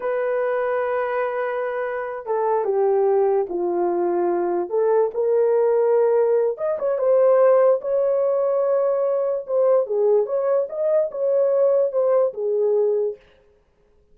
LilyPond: \new Staff \with { instrumentName = "horn" } { \time 4/4 \tempo 4 = 146 b'1~ | b'4. a'4 g'4.~ | g'8 f'2. a'8~ | a'8 ais'2.~ ais'8 |
dis''8 cis''8 c''2 cis''4~ | cis''2. c''4 | gis'4 cis''4 dis''4 cis''4~ | cis''4 c''4 gis'2 | }